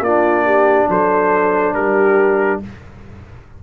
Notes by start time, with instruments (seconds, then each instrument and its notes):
0.00 tuba A#3, horn F4, trumpet D5
0.06 trombone D4
0.45 horn G4
0.89 tuba F#3, horn A4, trumpet C5
1.74 tuba G3, horn G4, trumpet A#4